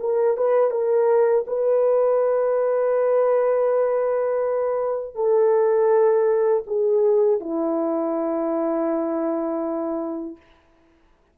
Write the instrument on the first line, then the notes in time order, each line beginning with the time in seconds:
horn
0.00 A#4
0.37 B4
0.71 A#4
1.47 B4
5.15 A4
6.67 G#4
7.40 E4